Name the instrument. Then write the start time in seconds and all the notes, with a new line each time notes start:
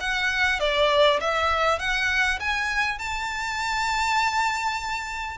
violin
0.00 F#5
0.59 D5
1.20 E5
1.79 F#5
2.39 G#5
2.99 A5